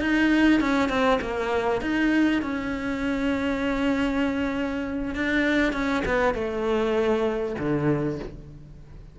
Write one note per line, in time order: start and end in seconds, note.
0.00 0.60 D#4
0.60 0.88 C#4
0.88 1.19 C4
1.21 1.81 A#3
1.81 2.42 D#4
2.42 5.14 C#4
5.14 5.72 D4
5.72 6.03 C#4
6.05 6.34 B3
6.34 7.55 A3
7.58 8.19 D3